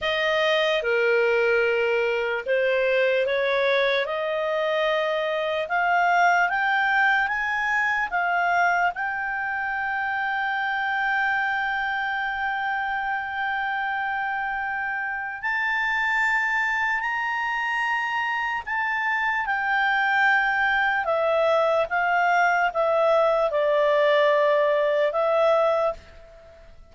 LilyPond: \new Staff \with { instrumentName = "clarinet" } { \time 4/4 \tempo 4 = 74 dis''4 ais'2 c''4 | cis''4 dis''2 f''4 | g''4 gis''4 f''4 g''4~ | g''1~ |
g''2. a''4~ | a''4 ais''2 a''4 | g''2 e''4 f''4 | e''4 d''2 e''4 | }